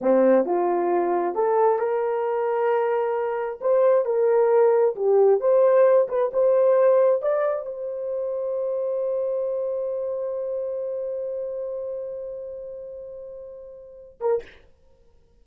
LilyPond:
\new Staff \with { instrumentName = "horn" } { \time 4/4 \tempo 4 = 133 c'4 f'2 a'4 | ais'1 | c''4 ais'2 g'4 | c''4. b'8 c''2 |
d''4 c''2.~ | c''1~ | c''1~ | c''2.~ c''8 ais'8 | }